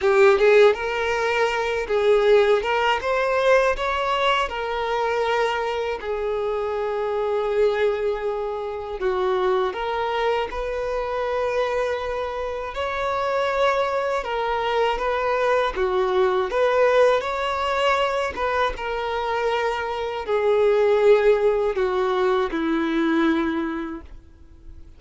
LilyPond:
\new Staff \with { instrumentName = "violin" } { \time 4/4 \tempo 4 = 80 g'8 gis'8 ais'4. gis'4 ais'8 | c''4 cis''4 ais'2 | gis'1 | fis'4 ais'4 b'2~ |
b'4 cis''2 ais'4 | b'4 fis'4 b'4 cis''4~ | cis''8 b'8 ais'2 gis'4~ | gis'4 fis'4 e'2 | }